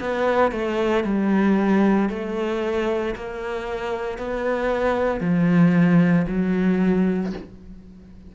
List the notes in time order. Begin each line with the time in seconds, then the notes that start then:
0.00 B3
0.51 A3
1.03 G3
2.09 A3
3.15 A#3
4.18 B3
5.20 F3
6.27 F#3